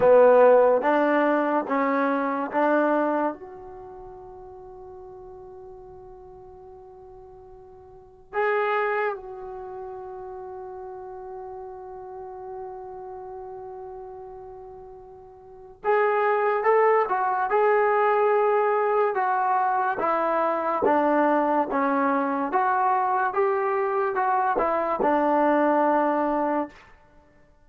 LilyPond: \new Staff \with { instrumentName = "trombone" } { \time 4/4 \tempo 4 = 72 b4 d'4 cis'4 d'4 | fis'1~ | fis'2 gis'4 fis'4~ | fis'1~ |
fis'2. gis'4 | a'8 fis'8 gis'2 fis'4 | e'4 d'4 cis'4 fis'4 | g'4 fis'8 e'8 d'2 | }